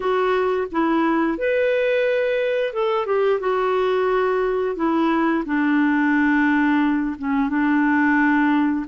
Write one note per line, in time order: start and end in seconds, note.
0.00 0.67 F#4
0.71 1.38 E4
1.38 2.73 B4
2.73 3.06 A4
3.06 3.40 G4
3.40 4.75 F#4
4.75 5.44 E4
5.45 7.16 D4
7.18 7.49 C#4
7.49 8.85 D4